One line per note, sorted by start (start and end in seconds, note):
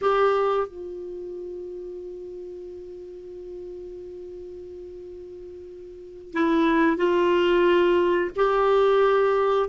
0.01 0.67 G4
0.67 6.33 F4
6.33 6.97 E4
6.97 8.30 F4
8.35 9.69 G4